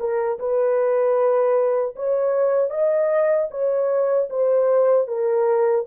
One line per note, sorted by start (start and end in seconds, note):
0.00 0.39 A#4
0.39 1.95 B4
1.96 2.71 C#5
2.71 3.49 D#5
3.51 4.29 C#5
4.30 5.08 C5
5.08 5.86 A#4